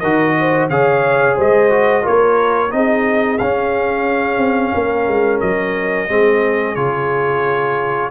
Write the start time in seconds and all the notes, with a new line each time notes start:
0.00 D#3 F#4 A#4 D#5
0.39 C5
0.70 C#3 G#4 C#5 F5
1.36 G#3 C5 D#5
1.70 F#4
2.03 A#3 F4 A#4 C#5
2.71 C4 D#4 G#4 D#5
3.39 C#4 F5
4.38 C4
4.75 A#3 A#4
5.08 G#3
5.41 F#3 D#5
6.09 G#3 C4 G#4
6.76 C#3 F4 C#5